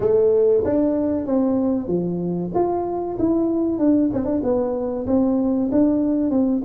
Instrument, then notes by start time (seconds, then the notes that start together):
tuba
0.00 A3
0.64 D4
1.26 C4
1.87 F3
2.54 F4
3.18 E4
3.78 D4
4.13 C4
4.25 D4
4.43 B3
5.06 C4
5.71 D4
6.30 C4